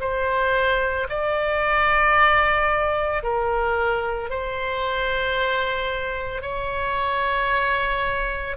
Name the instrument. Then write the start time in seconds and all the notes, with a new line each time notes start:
oboe
0.00 C5
1.09 D5
3.22 A#4
4.29 C5
6.41 C#5